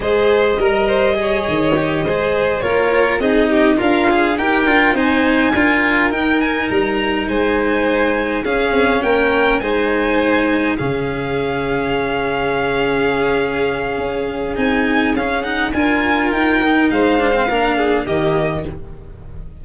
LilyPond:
<<
  \new Staff \with { instrumentName = "violin" } { \time 4/4 \tempo 4 = 103 dis''1~ | dis''8 cis''4 dis''4 f''4 g''8~ | g''8 gis''2 g''8 gis''8 ais''8~ | ais''8 gis''2 f''4 g''8~ |
g''8 gis''2 f''4.~ | f''1~ | f''4 gis''4 f''8 fis''8 gis''4 | g''4 f''2 dis''4 | }
  \new Staff \with { instrumentName = "violin" } { \time 4/4 c''4 ais'8 c''8 cis''4. c''8~ | c''8 ais'4 gis'8 g'8 f'4 ais'8~ | ais'8 c''4 ais'2~ ais'8~ | ais'8 c''2 gis'4 ais'8~ |
ais'8 c''2 gis'4.~ | gis'1~ | gis'2. ais'4~ | ais'4 c''4 ais'8 gis'8 g'4 | }
  \new Staff \with { instrumentName = "cello" } { \time 4/4 gis'4 ais'4 gis'4 g'8 gis'8~ | gis'8 f'4 dis'4 ais'8 gis'8 g'8 | f'8 dis'4 f'4 dis'4.~ | dis'2~ dis'8 cis'4.~ |
cis'8 dis'2 cis'4.~ | cis'1~ | cis'4 dis'4 cis'8 dis'8 f'4~ | f'8 dis'4 d'16 c'16 d'4 ais4 | }
  \new Staff \with { instrumentName = "tuba" } { \time 4/4 gis4 g4. dis4 gis8~ | gis8 ais4 c'4 d'4 dis'8 | d'8 c'4 d'4 dis'4 g8~ | g8 gis2 cis'8 c'8 ais8~ |
ais8 gis2 cis4.~ | cis1 | cis'4 c'4 cis'4 d'4 | dis'4 gis4 ais4 dis4 | }
>>